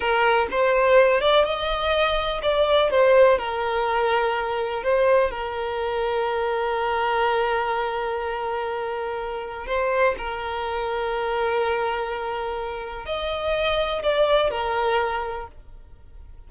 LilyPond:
\new Staff \with { instrumentName = "violin" } { \time 4/4 \tempo 4 = 124 ais'4 c''4. d''8 dis''4~ | dis''4 d''4 c''4 ais'4~ | ais'2 c''4 ais'4~ | ais'1~ |
ais'1 | c''4 ais'2.~ | ais'2. dis''4~ | dis''4 d''4 ais'2 | }